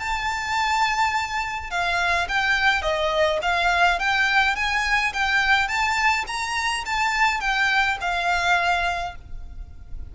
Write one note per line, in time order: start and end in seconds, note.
0.00 1.71 A5
1.71 2.28 F5
2.29 2.83 G5
2.83 3.40 D#5
3.43 4.00 F5
4.00 4.56 G5
4.56 5.14 G#5
5.14 5.68 G5
5.68 6.25 A5
6.28 6.85 A#5
6.86 7.41 A5
7.41 7.98 G5
8.01 9.16 F5